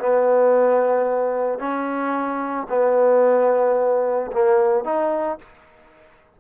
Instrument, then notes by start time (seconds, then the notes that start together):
trombone
0.00 B3
1.59 C#4
2.70 B3
4.32 A#3
4.85 D#4